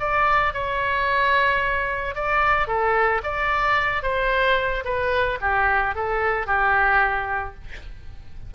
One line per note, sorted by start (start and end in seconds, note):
0.00 0.54 D5
0.54 2.15 C#5
2.15 2.68 D5
2.68 3.22 A4
3.24 4.03 D5
4.03 4.84 C5
4.85 5.39 B4
5.41 5.95 G4
5.95 6.47 A4
6.47 7.55 G4